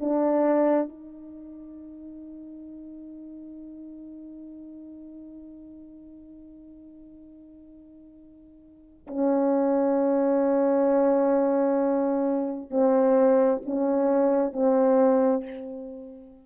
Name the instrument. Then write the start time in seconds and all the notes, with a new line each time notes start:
horn
0.00 D4
0.89 D#4
9.07 C#4
12.71 C4
13.66 C#4
14.52 C4